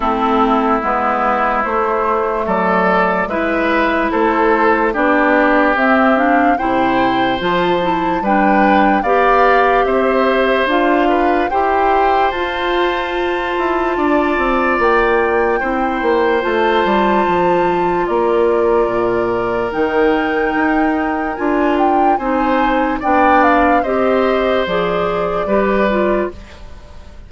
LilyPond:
<<
  \new Staff \with { instrumentName = "flute" } { \time 4/4 \tempo 4 = 73 a'4 b'4 c''4 d''4 | e''4 c''4 d''4 e''8 f''8 | g''4 a''4 g''4 f''4 | e''4 f''4 g''4 a''4~ |
a''2 g''2 | a''2 d''2 | g''2 gis''8 g''8 gis''4 | g''8 f''8 dis''4 d''2 | }
  \new Staff \with { instrumentName = "oboe" } { \time 4/4 e'2. a'4 | b'4 a'4 g'2 | c''2 b'4 d''4 | c''4. b'8 c''2~ |
c''4 d''2 c''4~ | c''2 ais'2~ | ais'2. c''4 | d''4 c''2 b'4 | }
  \new Staff \with { instrumentName = "clarinet" } { \time 4/4 c'4 b4 a2 | e'2 d'4 c'8 d'8 | e'4 f'8 e'8 d'4 g'4~ | g'4 f'4 g'4 f'4~ |
f'2. e'4 | f'1 | dis'2 f'4 dis'4 | d'4 g'4 gis'4 g'8 f'8 | }
  \new Staff \with { instrumentName = "bassoon" } { \time 4/4 a4 gis4 a4 fis4 | gis4 a4 b4 c'4 | c4 f4 g4 b4 | c'4 d'4 e'4 f'4~ |
f'8 e'8 d'8 c'8 ais4 c'8 ais8 | a8 g8 f4 ais4 ais,4 | dis4 dis'4 d'4 c'4 | b4 c'4 f4 g4 | }
>>